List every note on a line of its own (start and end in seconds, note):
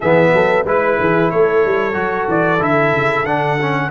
0.00 0.32 E3
0.00 0.66 B3
0.00 0.31 G#4
0.00 0.66 E5
0.32 0.64 F#3
0.32 0.65 A4
0.64 0.97 G#3
0.64 1.93 E4
0.64 0.97 B4
0.64 1.30 B4
0.99 1.32 E3
0.99 1.30 G#4
1.30 1.65 A3
1.30 3.90 A4
1.30 2.28 C#5
1.65 1.94 G3
1.93 2.27 F#3
1.93 2.58 F#4
2.28 2.60 E3
2.28 2.62 D5
2.60 2.92 D3
2.60 3.25 E4
2.60 3.25 E5
2.92 3.24 C#3
3.24 3.90 D3
3.24 3.58 D4
3.24 3.90 F#5
3.61 3.90 C#4